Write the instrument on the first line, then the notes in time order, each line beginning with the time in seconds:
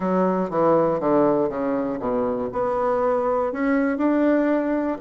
bassoon
0.00 F#3
0.50 E3
1.00 D3
1.49 C#3
1.99 B2
2.52 B3
3.52 C#4
3.97 D4